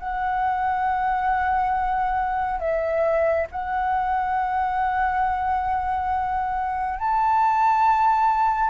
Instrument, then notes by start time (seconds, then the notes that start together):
flute
0.00 F#5
2.60 E5
3.52 F#5
7.00 A5